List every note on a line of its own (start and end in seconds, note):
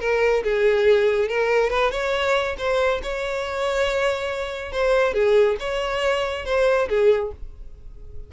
0.00 0.43 A#4
0.44 1.28 G#4
1.28 1.70 A#4
1.70 1.91 B4
1.91 2.56 C#5
2.58 3.01 C5
3.03 4.72 C#5
4.72 5.14 C5
5.14 5.57 G#4
5.59 6.45 C#5
6.45 6.88 C5
6.88 7.32 G#4